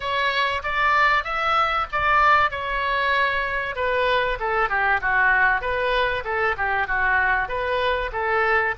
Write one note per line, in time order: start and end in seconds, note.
0.00 0.62 C#5
0.63 1.23 D5
1.23 1.86 E5
1.92 2.51 D5
2.51 3.75 C#5
3.75 4.38 B4
4.39 4.69 A4
4.69 5.00 G4
5.01 5.61 F#4
5.61 6.23 B4
6.24 6.55 A4
6.57 6.87 G4
6.87 7.48 F#4
7.48 8.11 B4
8.12 8.74 A4